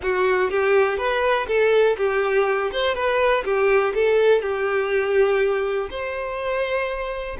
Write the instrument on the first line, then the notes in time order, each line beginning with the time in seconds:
violin
0.02 F#4
0.50 G4
0.97 B4
1.47 A4
1.97 G4
2.72 C5
2.94 B4
3.44 G4
3.94 A4
4.41 G4
5.90 C5